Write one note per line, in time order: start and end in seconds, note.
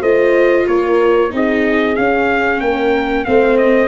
0.00 0.65 A3
0.00 1.30 F4
0.00 0.65 C5
0.00 0.66 D#5
0.67 1.31 A#3
0.67 1.32 A#4
0.67 1.32 C#5
1.30 1.97 C4
1.30 1.94 D#4
1.30 2.63 G#4
1.30 1.95 D#5
1.95 3.25 C#4
1.95 2.60 C#4
1.95 2.60 F5
2.60 3.25 A#3
2.60 3.25 A#4
2.60 3.24 G5
3.24 3.87 A3
3.24 3.87 C4
3.24 3.87 C5
3.24 3.56 F5
3.57 3.87 D#5